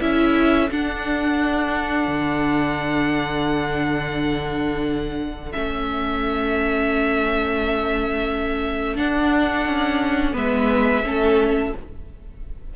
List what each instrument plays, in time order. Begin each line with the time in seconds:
0.00 cello C#4, viola E4, violin A4 E5
0.71 cello D4, viola D4, violin F#5
2.08 cello D3
5.52 cello A3, viola C#4, violin E5
8.95 viola D4, cello D4, violin F#5
9.66 cello C#4
10.33 cello G#3, viola B3, violin B4 E5
11.04 cello A3, viola C#4, violin A4